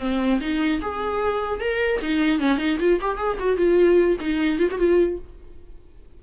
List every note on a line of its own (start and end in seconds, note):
0.00 0.40 C4
0.41 0.81 D#4
0.81 1.61 G#4
1.61 2.01 A#4
2.02 2.39 D#4
2.39 2.58 C#4
2.58 2.78 D#4
2.80 3.00 F4
3.01 3.17 G4
3.17 3.37 G#4
3.40 3.57 F#4
3.57 4.17 F4
4.20 4.59 D#4
4.59 4.69 F4
4.71 4.78 F#4
4.78 5.18 F4